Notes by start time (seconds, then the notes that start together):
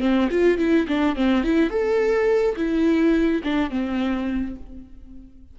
0.00 C4
0.30 F4
0.58 E4
0.87 D4
1.16 C4
1.44 E4
1.70 A4
2.56 E4
3.43 D4
3.70 C4